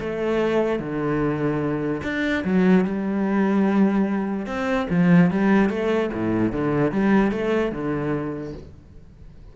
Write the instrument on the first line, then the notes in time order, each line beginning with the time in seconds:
cello
0.00 A3
0.80 D3
2.03 D4
2.45 F#3
2.85 G3
4.46 C4
4.90 F3
5.31 G3
5.70 A3
6.13 A2
6.52 D3
6.92 G3
7.31 A3
7.72 D3